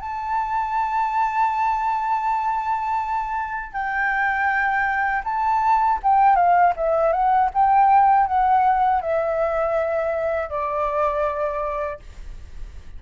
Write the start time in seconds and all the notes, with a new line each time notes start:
0.00 A5
3.72 G5
5.24 A5
6.02 G5
6.35 F5
6.76 E5
7.12 F#5
7.53 G5
8.26 F#5
9.01 E5
10.49 D5